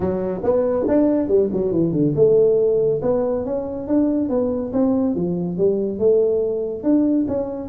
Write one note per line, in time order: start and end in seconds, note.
0.00 0.41 F#3
0.43 0.86 B3
0.88 1.27 D4
1.27 1.49 G3
1.52 1.71 F#3
1.71 1.92 E3
1.92 2.13 D3
2.15 3.01 A3
3.02 3.45 B3
3.45 3.87 C#4
3.87 4.29 D4
4.29 4.72 B3
4.72 5.15 C4
5.15 5.57 F3
5.57 5.98 G3
5.98 6.83 A3
6.83 7.26 D4
7.28 7.68 C#4